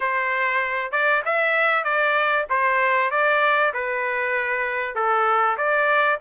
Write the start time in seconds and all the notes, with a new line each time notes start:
0.00 C5
0.91 D5
1.25 E5
1.84 D5
2.49 C5
3.10 D5
3.73 B4
4.95 A4
5.57 D5